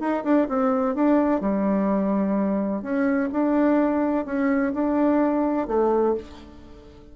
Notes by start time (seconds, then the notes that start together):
0.00 D#4
0.24 D4
0.49 C4
0.95 D4
1.41 G3
2.82 C#4
3.32 D4
4.25 C#4
4.74 D4
5.68 A3